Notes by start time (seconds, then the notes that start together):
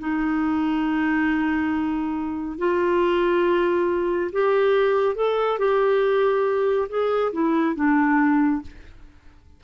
0.00 D#4
2.59 F4
4.33 G4
5.16 A4
5.59 G4
6.89 G#4
7.33 E4
7.76 D4